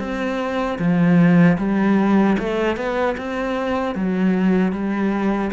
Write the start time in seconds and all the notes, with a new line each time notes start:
0.00 C4
0.79 F3
1.58 G3
2.39 A3
2.77 B3
3.18 C4
3.95 F#3
4.73 G3